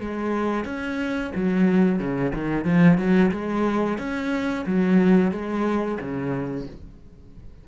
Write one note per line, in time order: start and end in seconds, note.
0.00 0.65 G#3
0.65 1.31 C#4
1.35 1.98 F#3
1.98 2.32 C#3
2.34 2.65 D#3
2.65 2.97 F3
2.97 3.31 F#3
3.31 3.98 G#3
3.98 4.65 C#4
4.66 5.31 F#3
5.31 5.98 G#3
6.00 6.67 C#3